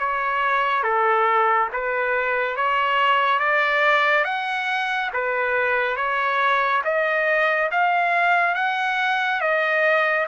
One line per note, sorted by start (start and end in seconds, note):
0.00 0.84 C#5
0.84 1.69 A4
1.73 2.57 B4
2.57 3.40 C#5
3.40 4.25 D5
4.25 5.11 F#5
5.14 5.97 B4
5.97 6.83 C#5
6.85 7.71 D#5
7.72 8.56 F5
8.56 9.41 F#5
9.41 10.27 D#5